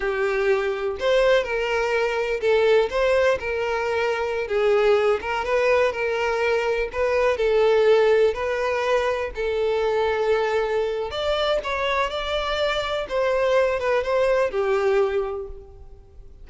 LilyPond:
\new Staff \with { instrumentName = "violin" } { \time 4/4 \tempo 4 = 124 g'2 c''4 ais'4~ | ais'4 a'4 c''4 ais'4~ | ais'4~ ais'16 gis'4. ais'8 b'8.~ | b'16 ais'2 b'4 a'8.~ |
a'4~ a'16 b'2 a'8.~ | a'2. d''4 | cis''4 d''2 c''4~ | c''8 b'8 c''4 g'2 | }